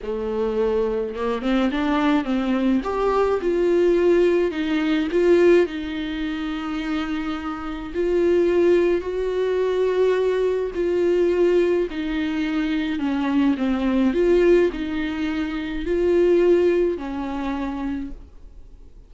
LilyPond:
\new Staff \with { instrumentName = "viola" } { \time 4/4 \tempo 4 = 106 a2 ais8 c'8 d'4 | c'4 g'4 f'2 | dis'4 f'4 dis'2~ | dis'2 f'2 |
fis'2. f'4~ | f'4 dis'2 cis'4 | c'4 f'4 dis'2 | f'2 cis'2 | }